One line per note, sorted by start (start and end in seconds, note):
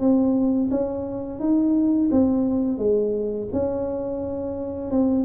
0.00 0.70 C4
0.71 1.40 C#4
1.40 2.10 D#4
2.11 2.78 C4
2.78 3.48 G#3
3.53 4.91 C#4
4.91 5.25 C4